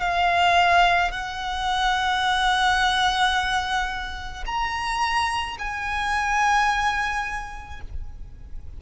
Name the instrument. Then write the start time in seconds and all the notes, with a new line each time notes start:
violin
0.00 F5
1.11 F#5
4.46 A#5
5.59 G#5